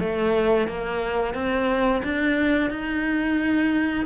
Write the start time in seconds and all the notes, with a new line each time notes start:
0.00 A3
0.68 A#3
1.34 C4
2.04 D4
2.70 D#4